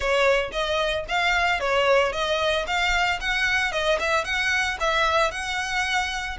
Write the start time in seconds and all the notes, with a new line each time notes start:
0.00 C#5
0.52 D#5
1.08 F5
1.60 C#5
2.12 D#5
2.66 F5
3.20 F#5
3.71 D#5
3.99 E5
4.24 F#5
4.80 E5
5.31 F#5